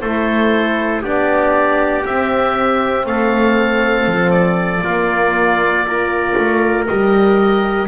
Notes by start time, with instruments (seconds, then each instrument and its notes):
0.00 double bass A3, horn E4, trumpet A4, oboe C5
1.02 double bass B3, horn D4, trumpet G4, oboe D5
2.05 horn C4, double bass C4, oboe E5
3.06 double bass A3, trumpet A4, oboe F5
4.06 double bass F3
4.31 oboe D5
4.81 double bass A#3, horn A#3, trumpet F4
5.86 horn F4, trumpet A#4
6.37 double bass A3
6.86 double bass G3, horn G4, oboe D#5